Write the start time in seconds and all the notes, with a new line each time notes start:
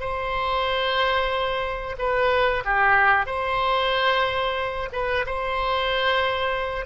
0.00 C5
1.98 B4
2.64 G4
3.26 C5
4.92 B4
5.26 C5